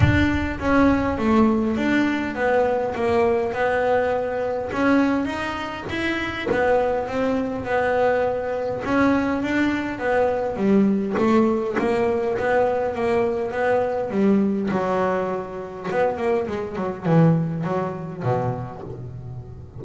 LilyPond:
\new Staff \with { instrumentName = "double bass" } { \time 4/4 \tempo 4 = 102 d'4 cis'4 a4 d'4 | b4 ais4 b2 | cis'4 dis'4 e'4 b4 | c'4 b2 cis'4 |
d'4 b4 g4 a4 | ais4 b4 ais4 b4 | g4 fis2 b8 ais8 | gis8 fis8 e4 fis4 b,4 | }